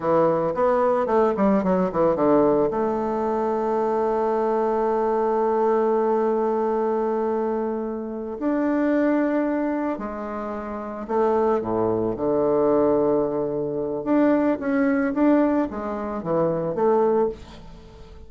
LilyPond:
\new Staff \with { instrumentName = "bassoon" } { \time 4/4 \tempo 4 = 111 e4 b4 a8 g8 fis8 e8 | d4 a2.~ | a1~ | a2.~ a8 d'8~ |
d'2~ d'8 gis4.~ | gis8 a4 a,4 d4.~ | d2 d'4 cis'4 | d'4 gis4 e4 a4 | }